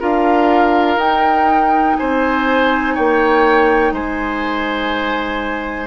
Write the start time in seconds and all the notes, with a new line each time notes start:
0.00 D4 F4 A#4 F5
0.97 D#4 G5
1.97 C4 C5 G#5
2.95 A#3 C#5 G5
3.92 G#3 C5 G#5